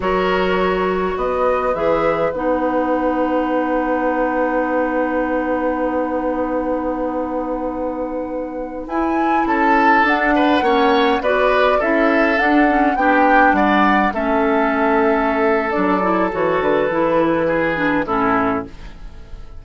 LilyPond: <<
  \new Staff \with { instrumentName = "flute" } { \time 4/4 \tempo 4 = 103 cis''2 dis''4 e''4 | fis''1~ | fis''1~ | fis''2.~ fis''16 gis''8.~ |
gis''16 a''4 fis''2 d''8.~ | d''16 e''4 fis''4 g''4 fis''8.~ | fis''16 e''2~ e''8. d''4 | cis''8 b'2~ b'8 a'4 | }
  \new Staff \with { instrumentName = "oboe" } { \time 4/4 ais'2 b'2~ | b'1~ | b'1~ | b'1~ |
b'16 a'4. b'8 cis''4 b'8.~ | b'16 a'2 g'4 d''8.~ | d''16 a'2.~ a'8.~ | a'2 gis'4 e'4 | }
  \new Staff \with { instrumentName = "clarinet" } { \time 4/4 fis'2. gis'4 | dis'1~ | dis'1~ | dis'2.~ dis'16 e'8.~ |
e'4~ e'16 d'4 cis'4 fis'8.~ | fis'16 e'4 d'8 cis'8 d'4.~ d'16~ | d'16 cis'2~ cis'8. d'8 e'8 | fis'4 e'4. d'8 cis'4 | }
  \new Staff \with { instrumentName = "bassoon" } { \time 4/4 fis2 b4 e4 | b1~ | b1~ | b2.~ b16 e'8.~ |
e'16 cis'4 d'4 ais4 b8.~ | b16 cis'4 d'4 b4 g8.~ | g16 a2~ a8. fis4 | e8 d8 e2 a,4 | }
>>